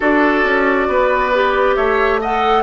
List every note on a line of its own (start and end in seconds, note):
0.00 0.44 D4
0.00 1.32 F#4
0.00 0.87 A4
0.00 1.75 D5
0.44 0.88 C#4
0.88 1.76 B3
0.88 1.76 B4
1.33 2.22 G4
1.75 2.63 A3
1.75 2.20 C#5
1.75 2.19 E5
2.21 2.63 A4
2.21 2.63 D#5
2.21 2.63 F#5